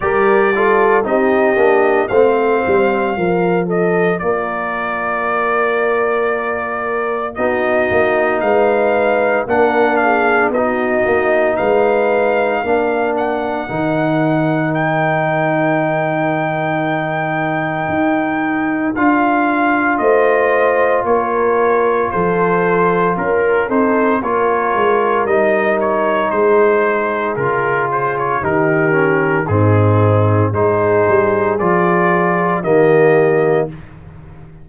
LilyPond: <<
  \new Staff \with { instrumentName = "trumpet" } { \time 4/4 \tempo 4 = 57 d''4 dis''4 f''4. dis''8 | d''2. dis''4 | f''4 fis''8 f''8 dis''4 f''4~ | f''8 fis''4. g''2~ |
g''2 f''4 dis''4 | cis''4 c''4 ais'8 c''8 cis''4 | dis''8 cis''8 c''4 ais'8 c''16 cis''16 ais'4 | gis'4 c''4 d''4 dis''4 | }
  \new Staff \with { instrumentName = "horn" } { \time 4/4 ais'8 a'8 g'4 c''4 ais'8 a'8 | ais'2. fis'4 | b'4 ais'8 gis'8 fis'4 b'4 | ais'1~ |
ais'2. c''4 | ais'4 a'4 ais'8 a'8 ais'4~ | ais'4 gis'2 g'4 | dis'4 gis'2 g'4 | }
  \new Staff \with { instrumentName = "trombone" } { \time 4/4 g'8 f'8 dis'8 d'8 c'4 f'4~ | f'2. dis'4~ | dis'4 d'4 dis'2 | d'4 dis'2.~ |
dis'2 f'2~ | f'2~ f'8 dis'8 f'4 | dis'2 f'4 dis'8 cis'8 | c'4 dis'4 f'4 ais4 | }
  \new Staff \with { instrumentName = "tuba" } { \time 4/4 g4 c'8 ais8 a8 g8 f4 | ais2. b8 ais8 | gis4 ais4 b8 ais8 gis4 | ais4 dis2.~ |
dis4 dis'4 d'4 a4 | ais4 f4 cis'8 c'8 ais8 gis8 | g4 gis4 cis4 dis4 | gis,4 gis8 g8 f4 dis4 | }
>>